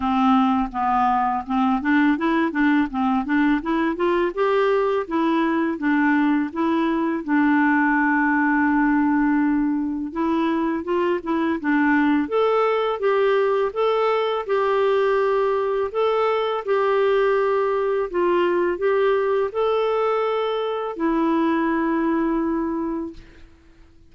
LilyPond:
\new Staff \with { instrumentName = "clarinet" } { \time 4/4 \tempo 4 = 83 c'4 b4 c'8 d'8 e'8 d'8 | c'8 d'8 e'8 f'8 g'4 e'4 | d'4 e'4 d'2~ | d'2 e'4 f'8 e'8 |
d'4 a'4 g'4 a'4 | g'2 a'4 g'4~ | g'4 f'4 g'4 a'4~ | a'4 e'2. | }